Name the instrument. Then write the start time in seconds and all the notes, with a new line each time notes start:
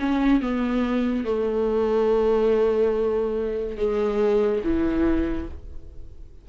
viola
0.00 C#4
0.41 B3
1.25 A3
3.77 G#3
4.64 E3